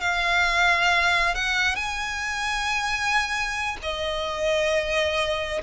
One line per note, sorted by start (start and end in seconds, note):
0.00 1.34 F5
1.34 1.75 F#5
1.75 3.77 G#5
3.82 5.61 D#5